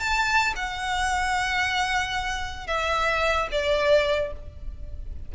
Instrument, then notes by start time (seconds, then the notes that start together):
violin
0.00 A5
0.56 F#5
2.67 E5
3.52 D5